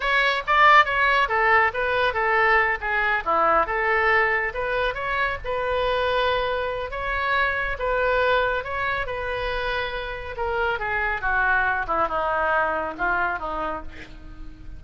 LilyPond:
\new Staff \with { instrumentName = "oboe" } { \time 4/4 \tempo 4 = 139 cis''4 d''4 cis''4 a'4 | b'4 a'4. gis'4 e'8~ | e'8 a'2 b'4 cis''8~ | cis''8 b'2.~ b'8 |
cis''2 b'2 | cis''4 b'2. | ais'4 gis'4 fis'4. e'8 | dis'2 f'4 dis'4 | }